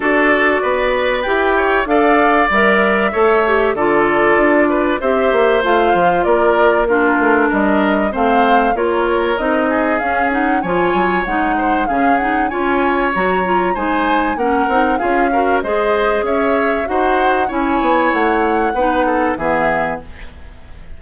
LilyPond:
<<
  \new Staff \with { instrumentName = "flute" } { \time 4/4 \tempo 4 = 96 d''2 g''4 f''4 | e''2 d''2 | e''4 f''4 d''4 ais'4 | dis''4 f''4 cis''4 dis''4 |
f''8 fis''8 gis''4 fis''4 f''8 fis''8 | gis''4 ais''4 gis''4 fis''4 | f''4 dis''4 e''4 fis''4 | gis''4 fis''2 e''4 | }
  \new Staff \with { instrumentName = "oboe" } { \time 4/4 a'4 b'4. cis''8 d''4~ | d''4 cis''4 a'4. b'8 | c''2 ais'4 f'4 | ais'4 c''4 ais'4. gis'8~ |
gis'4 cis''4. c''8 gis'4 | cis''2 c''4 ais'4 | gis'8 ais'8 c''4 cis''4 c''4 | cis''2 b'8 a'8 gis'4 | }
  \new Staff \with { instrumentName = "clarinet" } { \time 4/4 fis'2 g'4 a'4 | ais'4 a'8 g'8 f'2 | g'4 f'2 d'4~ | d'4 c'4 f'4 dis'4 |
cis'8 dis'8 f'4 dis'4 cis'8 dis'8 | f'4 fis'8 f'8 dis'4 cis'8 dis'8 | f'8 fis'8 gis'2 fis'4 | e'2 dis'4 b4 | }
  \new Staff \with { instrumentName = "bassoon" } { \time 4/4 d'4 b4 e'4 d'4 | g4 a4 d4 d'4 | c'8 ais8 a8 f8 ais4. a8 | g4 a4 ais4 c'4 |
cis'4 f8 fis8 gis4 cis4 | cis'4 fis4 gis4 ais8 c'8 | cis'4 gis4 cis'4 dis'4 | cis'8 b8 a4 b4 e4 | }
>>